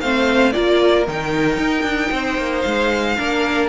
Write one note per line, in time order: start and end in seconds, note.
0.00 0.54 A3
0.00 0.52 C4
0.00 0.53 C5
0.00 0.52 F5
0.52 1.07 A#3
0.52 1.05 F4
0.52 2.11 A#4
0.52 1.04 D5
1.07 1.57 D#3
1.07 3.18 D#4
1.07 2.61 G5
1.57 1.83 D#4
1.83 2.09 D4
2.11 2.37 C4
2.11 3.17 C5
2.37 2.63 A#3
2.61 3.18 G#3
2.61 3.66 F5
3.18 3.69 A#3
3.18 3.69 D4
3.18 3.69 A#4